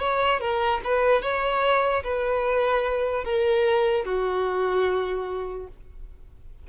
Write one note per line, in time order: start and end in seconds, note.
0.00 0.41 C#5
0.41 0.81 A#4
0.85 1.22 B4
1.22 2.03 C#5
2.04 3.25 B4
3.25 4.05 A#4
4.05 5.68 F#4